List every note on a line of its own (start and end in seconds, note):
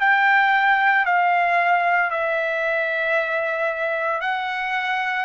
0.00 1.05 G5
1.05 2.10 F5
2.10 4.21 E5
4.21 5.25 F#5